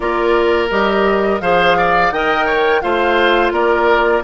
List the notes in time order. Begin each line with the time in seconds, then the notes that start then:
0.00 A#3 F4 A#4 D5
0.70 G3 G4 D#5
1.40 F3 G#4 C5 F5
1.77 D5
2.11 D#3 A#4 D#5 G5
2.45 C#5
2.81 A3 F4 C5 F5
3.51 A#3 A#4 D5